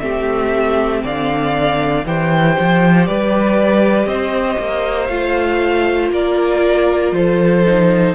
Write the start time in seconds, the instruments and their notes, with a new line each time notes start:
0.00 cello A3, viola C4, violin G4 E5
1.03 cello D3, violin D5 F5
2.05 cello E3, viola G4, violin C5 G5
2.60 cello F3
3.06 cello G3, violin B4 D5
4.06 cello C4, violin C5 D#5
4.59 cello A#3
5.07 cello A3, viola F4, violin F5
6.11 cello A#3, violin A#4 D5
7.12 cello F3, violin A4 C5
7.66 viola D#4